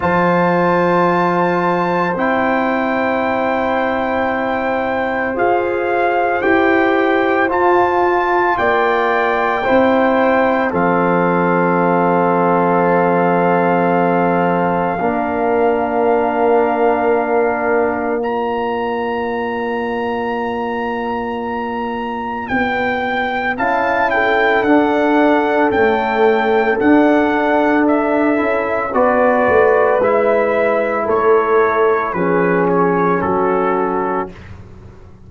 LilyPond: <<
  \new Staff \with { instrumentName = "trumpet" } { \time 4/4 \tempo 4 = 56 a''2 g''2~ | g''4 f''4 g''4 a''4 | g''2 f''2~ | f''1~ |
f''4 ais''2.~ | ais''4 g''4 a''8 g''8 fis''4 | g''4 fis''4 e''4 d''4 | e''4 cis''4 b'8 cis''8 a'4 | }
  \new Staff \with { instrumentName = "horn" } { \time 4/4 c''1~ | c''1 | d''4 c''4 a'2~ | a'2 ais'2~ |
ais'4 d''2.~ | d''2 f''8 a'4.~ | a'2. b'4~ | b'4 a'4 gis'4 fis'4 | }
  \new Staff \with { instrumentName = "trombone" } { \time 4/4 f'2 e'2~ | e'4 gis'4 g'4 f'4~ | f'4 e'4 c'2~ | c'2 d'2~ |
d'4 f'2.~ | f'2 e'4 d'4 | a4 d'4. e'8 fis'4 | e'2 cis'2 | }
  \new Staff \with { instrumentName = "tuba" } { \time 4/4 f2 c'2~ | c'4 f'4 e'4 f'4 | ais4 c'4 f2~ | f2 ais2~ |
ais1~ | ais4 b4 cis'4 d'4 | cis'4 d'4. cis'8 b8 a8 | gis4 a4 f4 fis4 | }
>>